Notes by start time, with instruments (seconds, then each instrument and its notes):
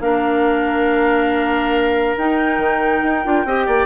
0.00 bassoon A#3, clarinet D4, oboe A#4, flute F5
2.17 bassoon D#4, clarinet D#4, flute G5
2.58 bassoon D#3
3.03 bassoon D#4
3.24 bassoon D4, clarinet F4
3.45 bassoon C4, clarinet G4, oboe D#5
3.66 bassoon A#3, oboe D5